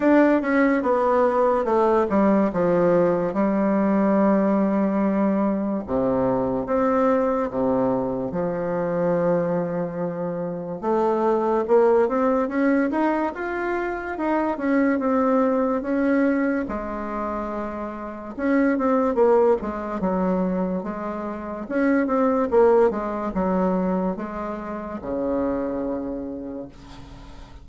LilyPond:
\new Staff \with { instrumentName = "bassoon" } { \time 4/4 \tempo 4 = 72 d'8 cis'8 b4 a8 g8 f4 | g2. c4 | c'4 c4 f2~ | f4 a4 ais8 c'8 cis'8 dis'8 |
f'4 dis'8 cis'8 c'4 cis'4 | gis2 cis'8 c'8 ais8 gis8 | fis4 gis4 cis'8 c'8 ais8 gis8 | fis4 gis4 cis2 | }